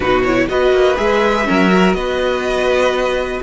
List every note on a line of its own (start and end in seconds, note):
0.00 0.46 B2
0.00 0.24 D#4
0.00 0.47 F#4
0.00 0.22 B4
0.24 0.49 E4
0.24 0.48 C#5
0.48 0.72 B3
0.48 0.95 F#4
0.48 1.47 B4
0.48 0.96 D#5
0.72 0.97 A#3
0.95 1.47 G#3
0.95 1.44 G#4
0.95 1.93 E5
1.44 1.93 F#3
1.44 1.68 C#4
1.44 1.95 A#4
1.72 3.42 F#4
1.93 3.40 B3
1.93 3.42 B4
1.93 3.40 D#5